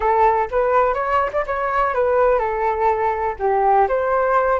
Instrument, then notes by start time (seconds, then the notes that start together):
flute
0.00 A4
0.50 B4
0.93 C#5
1.32 D5
1.46 C#5
1.94 B4
2.38 A4
3.39 G4
3.88 C5